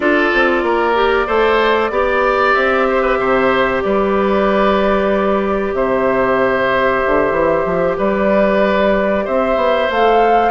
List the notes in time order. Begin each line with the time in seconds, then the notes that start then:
0.00 D4 F4 A4 D5
0.33 C4
0.62 A#3 A#4
0.94 G4
1.26 A3 A4 C5
1.90 B3 G4 D5
2.53 C4 E5
2.89 C5
3.02 B4
3.18 C3 C5
3.82 G3 B4 D5
5.73 C3 C5 E5
7.06 D3
7.31 E3
7.65 F3
7.97 G3 B4 D5
9.24 C4 C5 E5
9.56 B3
9.89 A3 A4 F5